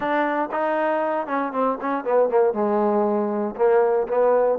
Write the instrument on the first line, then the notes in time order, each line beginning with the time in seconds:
trombone
0.00 D4
0.51 D#4
1.26 C#4
1.52 C4
1.80 C#4
2.04 B3
2.29 A#3
2.53 G#3
3.56 A#3
4.07 B3